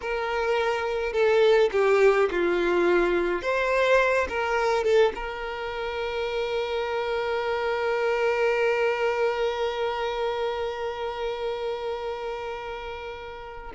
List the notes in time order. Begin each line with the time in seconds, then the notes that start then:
0.01 A#4
1.12 A4
1.72 G4
2.31 F4
3.41 C5
4.29 A#4
4.84 A4
5.15 A#4